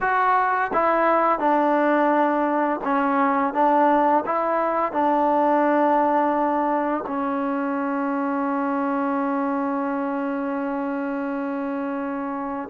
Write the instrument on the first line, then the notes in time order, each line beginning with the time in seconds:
trombone
0.00 F#4
0.73 E4
1.39 D4
2.84 C#4
3.53 D4
4.25 E4
4.92 D4
7.07 C#4